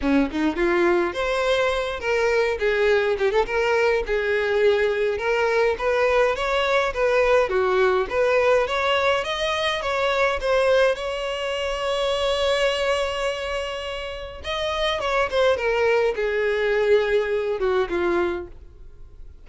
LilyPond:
\new Staff \with { instrumentName = "violin" } { \time 4/4 \tempo 4 = 104 cis'8 dis'8 f'4 c''4. ais'8~ | ais'8 gis'4 g'16 a'16 ais'4 gis'4~ | gis'4 ais'4 b'4 cis''4 | b'4 fis'4 b'4 cis''4 |
dis''4 cis''4 c''4 cis''4~ | cis''1~ | cis''4 dis''4 cis''8 c''8 ais'4 | gis'2~ gis'8 fis'8 f'4 | }